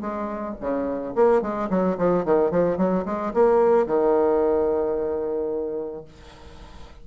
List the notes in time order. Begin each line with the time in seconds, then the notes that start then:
0.00 G#3
0.60 C#3
1.15 A#3
1.41 G#3
1.69 F#3
1.98 F3
2.25 D#3
2.50 F3
2.77 F#3
3.05 G#3
3.33 A#3
3.86 D#3